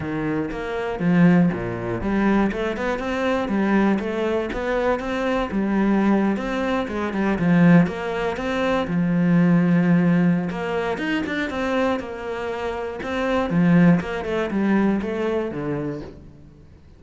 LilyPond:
\new Staff \with { instrumentName = "cello" } { \time 4/4 \tempo 4 = 120 dis4 ais4 f4 ais,4 | g4 a8 b8 c'4 g4 | a4 b4 c'4 g4~ | g8. c'4 gis8 g8 f4 ais16~ |
ais8. c'4 f2~ f16~ | f4 ais4 dis'8 d'8 c'4 | ais2 c'4 f4 | ais8 a8 g4 a4 d4 | }